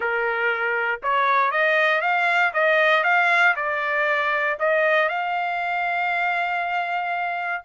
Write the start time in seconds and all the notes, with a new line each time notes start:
0.00 A#4
1.02 C#5
1.51 D#5
2.01 F5
2.53 D#5
3.03 F5
3.56 D5
4.59 D#5
5.08 F5